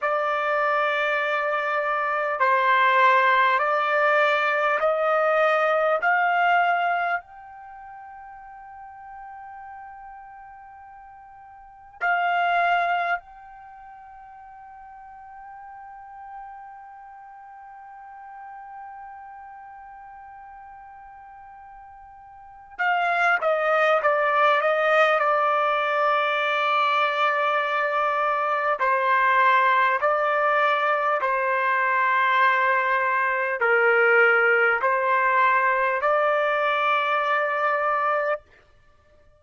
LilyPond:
\new Staff \with { instrumentName = "trumpet" } { \time 4/4 \tempo 4 = 50 d''2 c''4 d''4 | dis''4 f''4 g''2~ | g''2 f''4 g''4~ | g''1~ |
g''2. f''8 dis''8 | d''8 dis''8 d''2. | c''4 d''4 c''2 | ais'4 c''4 d''2 | }